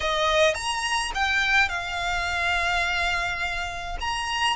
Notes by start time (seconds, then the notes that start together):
0.00 D#5
0.54 A#5
1.14 G5
1.68 F5
4.00 A#5